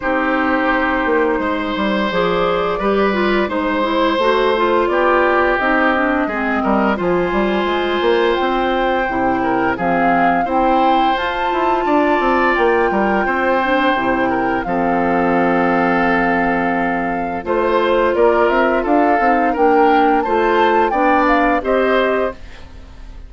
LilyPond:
<<
  \new Staff \with { instrumentName = "flute" } { \time 4/4 \tempo 4 = 86 c''2. d''4~ | d''4 c''2 d''4 | dis''2 gis''2 | g''2 f''4 g''4 |
a''2 g''2~ | g''4 f''2.~ | f''4 c''4 d''8 e''8 f''4 | g''4 a''4 g''8 f''8 dis''4 | }
  \new Staff \with { instrumentName = "oboe" } { \time 4/4 g'2 c''2 | b'4 c''2 g'4~ | g'4 gis'8 ais'8 c''2~ | c''4. ais'8 gis'4 c''4~ |
c''4 d''4. ais'8 c''4~ | c''8 ais'8 a'2.~ | a'4 c''4 ais'4 a'4 | ais'4 c''4 d''4 c''4 | }
  \new Staff \with { instrumentName = "clarinet" } { \time 4/4 dis'2. gis'4 | g'8 f'8 dis'8 e'8 fis'8 f'4. | dis'8 d'8 c'4 f'2~ | f'4 e'4 c'4 e'4 |
f'2.~ f'8 d'8 | e'4 c'2.~ | c'4 f'2~ f'8 dis'8 | d'4 f'4 d'4 g'4 | }
  \new Staff \with { instrumentName = "bassoon" } { \time 4/4 c'4. ais8 gis8 g8 f4 | g4 gis4 a4 b4 | c'4 gis8 g8 f8 g8 gis8 ais8 | c'4 c4 f4 c'4 |
f'8 e'8 d'8 c'8 ais8 g8 c'4 | c4 f2.~ | f4 a4 ais8 c'8 d'8 c'8 | ais4 a4 b4 c'4 | }
>>